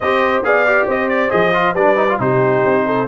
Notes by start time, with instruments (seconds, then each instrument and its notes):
0.00 tuba C4, trombone G4, horn C5, trumpet D#5
0.42 tuba B3, trombone G#4, horn D5, trumpet F5
0.66 trombone G4
0.86 tuba C4, horn C5, trumpet D#5
1.08 trumpet D5
1.30 tuba F3, trombone G#4, trumpet D#5
1.53 trombone F4
1.73 tuba G3, trombone D4, horn B4, trumpet D5
1.96 trombone D#4
2.09 trombone F4
2.19 tuba C3, trombone D#4, horn G4, trumpet C5
2.64 tuba C4
2.86 horn A4